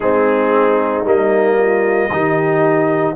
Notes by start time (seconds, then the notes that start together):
0.00 G#3 C4 D#4 G#4
1.04 G3 A#3 D#5
1.57 F4
2.10 D#3 D#4 G4